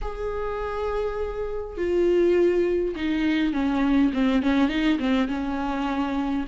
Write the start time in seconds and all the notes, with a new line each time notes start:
0.01 G#4
1.77 F4
2.95 D#4
3.53 C#4
4.13 C4
4.42 C#4
4.68 D#4
4.99 C4
5.28 C#4